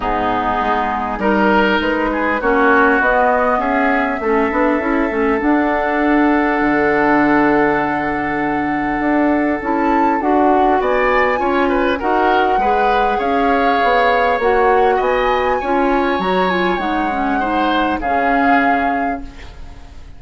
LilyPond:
<<
  \new Staff \with { instrumentName = "flute" } { \time 4/4 \tempo 4 = 100 gis'2 ais'4 b'4 | cis''4 dis''4 e''2~ | e''4 fis''2.~ | fis''1 |
a''4 fis''4 gis''2 | fis''2 f''2 | fis''4 gis''2 ais''8 gis''8 | fis''2 f''2 | }
  \new Staff \with { instrumentName = "oboe" } { \time 4/4 dis'2 ais'4. gis'8 | fis'2 gis'4 a'4~ | a'1~ | a'1~ |
a'2 d''4 cis''8 b'8 | ais'4 b'4 cis''2~ | cis''4 dis''4 cis''2~ | cis''4 c''4 gis'2 | }
  \new Staff \with { instrumentName = "clarinet" } { \time 4/4 b2 dis'2 | cis'4 b2 cis'8 d'8 | e'8 cis'8 d'2.~ | d'1 |
e'4 fis'2 f'4 | fis'4 gis'2. | fis'2 f'4 fis'8 f'8 | dis'8 cis'8 dis'4 cis'2 | }
  \new Staff \with { instrumentName = "bassoon" } { \time 4/4 gis,4 gis4 g4 gis4 | ais4 b4 cis'4 a8 b8 | cis'8 a8 d'2 d4~ | d2. d'4 |
cis'4 d'4 b4 cis'4 | dis'4 gis4 cis'4 b4 | ais4 b4 cis'4 fis4 | gis2 cis2 | }
>>